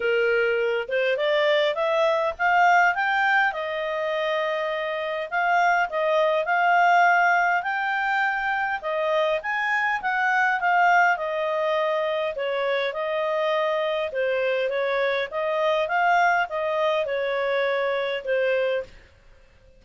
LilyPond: \new Staff \with { instrumentName = "clarinet" } { \time 4/4 \tempo 4 = 102 ais'4. c''8 d''4 e''4 | f''4 g''4 dis''2~ | dis''4 f''4 dis''4 f''4~ | f''4 g''2 dis''4 |
gis''4 fis''4 f''4 dis''4~ | dis''4 cis''4 dis''2 | c''4 cis''4 dis''4 f''4 | dis''4 cis''2 c''4 | }